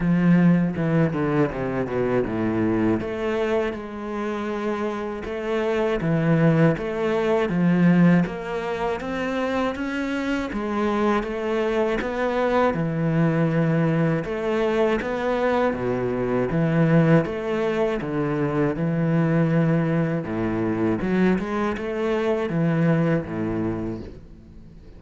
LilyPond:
\new Staff \with { instrumentName = "cello" } { \time 4/4 \tempo 4 = 80 f4 e8 d8 c8 b,8 a,4 | a4 gis2 a4 | e4 a4 f4 ais4 | c'4 cis'4 gis4 a4 |
b4 e2 a4 | b4 b,4 e4 a4 | d4 e2 a,4 | fis8 gis8 a4 e4 a,4 | }